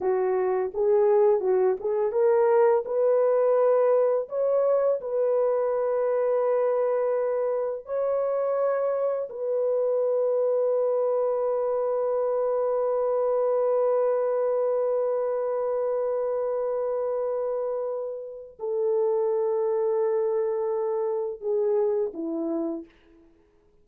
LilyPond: \new Staff \with { instrumentName = "horn" } { \time 4/4 \tempo 4 = 84 fis'4 gis'4 fis'8 gis'8 ais'4 | b'2 cis''4 b'4~ | b'2. cis''4~ | cis''4 b'2.~ |
b'1~ | b'1~ | b'2 a'2~ | a'2 gis'4 e'4 | }